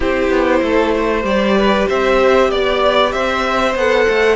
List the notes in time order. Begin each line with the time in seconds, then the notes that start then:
0.00 C4 E4 G4 C5
0.29 B3
0.62 A3 A4
0.95 C5
1.22 G3 G4 D5
1.57 B4
1.88 C4 C5 E5
2.50 B3 D5
3.11 C4 C5 E5
3.75 B3 A4 F#5
4.08 A3